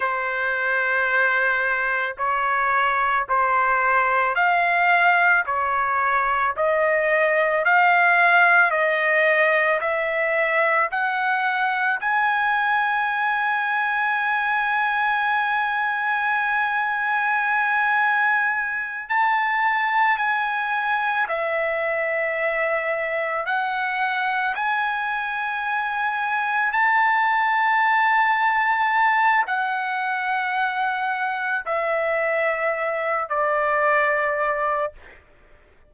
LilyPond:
\new Staff \with { instrumentName = "trumpet" } { \time 4/4 \tempo 4 = 55 c''2 cis''4 c''4 | f''4 cis''4 dis''4 f''4 | dis''4 e''4 fis''4 gis''4~ | gis''1~ |
gis''4. a''4 gis''4 e''8~ | e''4. fis''4 gis''4.~ | gis''8 a''2~ a''8 fis''4~ | fis''4 e''4. d''4. | }